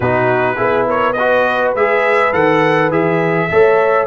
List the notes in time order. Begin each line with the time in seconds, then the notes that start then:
0.00 B2 D#4 F#4 B4
0.56 B3 E4 G#4
0.86 A#4 C#5
1.12 F#4 B4 D#5
1.74 G#3 G#4 E5
2.33 D#3 A4 F#5
2.89 E3 G#4 E5
3.50 A3 A4 C#5